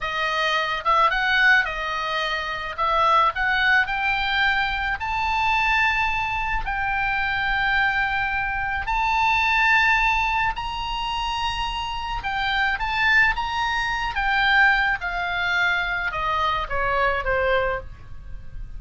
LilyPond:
\new Staff \with { instrumentName = "oboe" } { \time 4/4 \tempo 4 = 108 dis''4. e''8 fis''4 dis''4~ | dis''4 e''4 fis''4 g''4~ | g''4 a''2. | g''1 |
a''2. ais''4~ | ais''2 g''4 a''4 | ais''4. g''4. f''4~ | f''4 dis''4 cis''4 c''4 | }